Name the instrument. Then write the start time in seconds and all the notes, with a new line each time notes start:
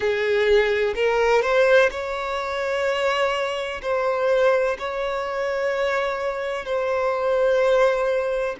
violin
0.00 G#4
0.95 A#4
1.42 C5
1.90 C#5
3.81 C5
4.78 C#5
6.65 C5